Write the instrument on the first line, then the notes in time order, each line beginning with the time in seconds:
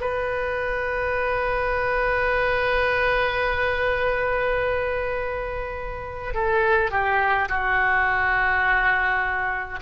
oboe
0.00 B4
6.34 A4
6.91 G4
7.48 F#4